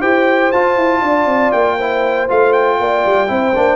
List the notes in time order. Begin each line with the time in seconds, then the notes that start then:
0.00 E4 G4 C5 G5
0.52 F4 A5
0.76 E4
1.01 D4 D5
1.26 C4
1.52 A#3 G5
1.78 E4 C5
2.29 A3 F4 F5
2.53 G5
2.80 A#3 D5
3.06 G3
3.28 C4 E4 C5
3.55 A#3 D4